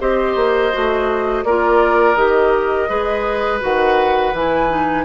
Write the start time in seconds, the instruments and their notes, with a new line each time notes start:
0.00 bassoon C4, clarinet G4, oboe C5, flute D#5
0.35 bassoon A#3
0.72 bassoon A3, clarinet F#4
1.44 bassoon A#3, clarinet F4, oboe A#4, flute D5
2.15 bassoon D#3, clarinet G4, flute D#5
2.88 bassoon G#3, clarinet G#4, oboe B4
3.60 bassoon D#3, clarinet F#4, flute F#5
4.32 bassoon E3, clarinet E4, flute G#5
4.69 clarinet D#4